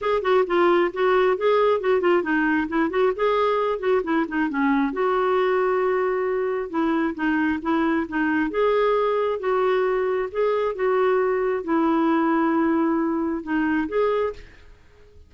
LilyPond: \new Staff \with { instrumentName = "clarinet" } { \time 4/4 \tempo 4 = 134 gis'8 fis'8 f'4 fis'4 gis'4 | fis'8 f'8 dis'4 e'8 fis'8 gis'4~ | gis'8 fis'8 e'8 dis'8 cis'4 fis'4~ | fis'2. e'4 |
dis'4 e'4 dis'4 gis'4~ | gis'4 fis'2 gis'4 | fis'2 e'2~ | e'2 dis'4 gis'4 | }